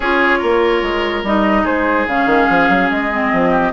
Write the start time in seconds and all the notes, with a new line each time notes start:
0.00 C#4 F4 G#4 C#5
0.38 A#3 A#4
0.82 G#3
1.23 G3 D#4 D#5
1.63 G#3 G#4 C5
2.07 C#3 C#4 F5
2.26 D#3
2.49 F3
2.68 F#3
2.90 G#3 D#5
3.11 C4
3.32 F3
3.50 G4